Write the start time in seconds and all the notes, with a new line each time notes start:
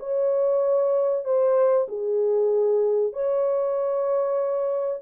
0.00 C#5
1.25 C5
1.88 G#4
3.14 C#5